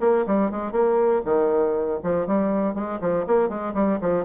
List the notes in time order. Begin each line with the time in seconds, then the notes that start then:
0.00 A#3
0.26 G3
0.50 G#3
0.71 A#3
1.25 D#3
2.03 F3
2.26 G3
2.74 G#3
3.00 F3
3.26 A#3
3.49 G#3
3.74 G3
4.00 F3